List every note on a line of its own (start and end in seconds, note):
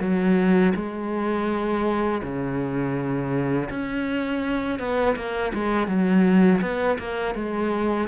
0.00 0.73 F#3
0.75 2.22 G#3
2.23 3.69 C#3
3.70 4.79 C#4
4.79 5.16 B3
5.16 5.52 A#3
5.54 5.87 G#3
5.87 6.60 F#3
6.62 6.98 B3
6.99 7.35 A#3
7.35 8.08 G#3